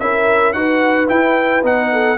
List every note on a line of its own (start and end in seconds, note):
0.00 0.54 C#4
0.00 0.55 E4
0.00 0.56 A#4
0.00 0.53 E5
0.53 1.09 D#4
0.53 1.07 F#4
0.53 1.92 B4
0.53 1.08 F#5
1.07 1.62 E4
1.07 1.64 E4
1.07 1.64 G5
1.64 2.18 B3
1.64 2.18 D#4
1.64 2.18 F#5
1.92 2.18 A4